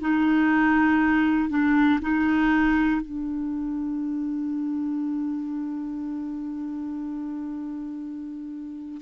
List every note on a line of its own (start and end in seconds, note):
0.00 1.50 D#4
1.50 2.00 D4
2.01 3.01 D#4
3.01 9.01 D4